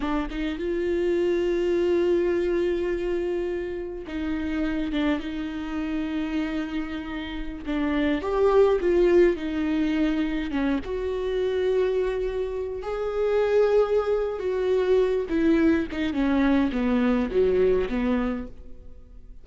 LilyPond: \new Staff \with { instrumentName = "viola" } { \time 4/4 \tempo 4 = 104 d'8 dis'8 f'2.~ | f'2. dis'4~ | dis'8 d'8 dis'2.~ | dis'4~ dis'16 d'4 g'4 f'8.~ |
f'16 dis'2 cis'8 fis'4~ fis'16~ | fis'2~ fis'16 gis'4.~ gis'16~ | gis'4 fis'4. e'4 dis'8 | cis'4 b4 fis4 b4 | }